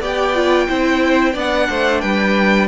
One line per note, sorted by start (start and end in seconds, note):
0.00 0.67 B3
0.00 0.34 G4
0.00 0.68 D5
0.00 1.38 G5
0.34 0.68 F4
0.68 1.35 C4
0.68 1.34 E4
0.68 1.33 C5
1.33 1.68 B3
1.33 2.67 D4
1.33 1.67 D5
1.33 2.00 F#5
1.69 2.03 A3
1.69 2.01 C5
2.00 2.67 G3
2.00 2.67 B4
2.00 2.67 G5